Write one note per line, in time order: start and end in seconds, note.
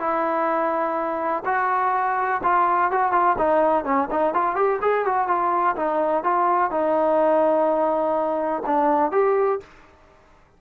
0.00 1.44 E4
1.46 2.42 F#4
2.44 2.91 F4
2.91 3.13 F#4
3.13 3.37 F4
3.38 3.85 D#4
3.85 4.09 C#4
4.11 4.34 D#4
4.34 4.56 F4
4.56 4.80 G4
4.82 5.06 G#4
5.06 5.28 F#4
5.28 5.76 F4
5.76 6.24 D#4
6.24 6.71 F4
6.71 8.63 D#4
8.66 9.12 D4
9.12 9.60 G4